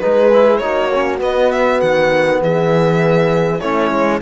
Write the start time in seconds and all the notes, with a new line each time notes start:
0.00 G#3 D#4 G#4 B4
0.33 E4
0.58 A#3 D#4 F#4 C#5
0.93 C#4
1.19 B3 D#5
1.52 E5
1.81 D#3 F#5
2.42 E3 G#4 E5
3.60 A3 C#4 E4 C#5
3.91 G#3